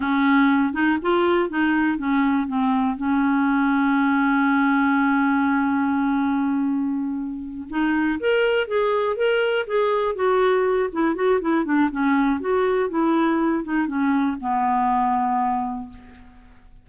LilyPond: \new Staff \with { instrumentName = "clarinet" } { \time 4/4 \tempo 4 = 121 cis'4. dis'8 f'4 dis'4 | cis'4 c'4 cis'2~ | cis'1~ | cis'2.~ cis'8 dis'8~ |
dis'8 ais'4 gis'4 ais'4 gis'8~ | gis'8 fis'4. e'8 fis'8 e'8 d'8 | cis'4 fis'4 e'4. dis'8 | cis'4 b2. | }